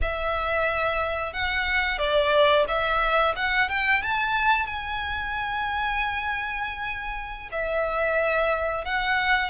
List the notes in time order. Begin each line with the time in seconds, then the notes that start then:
0.01 E5
1.33 F#5
1.98 D5
2.68 E5
3.35 F#5
3.68 G5
4.02 A5
4.66 G#5
7.52 E5
8.85 F#5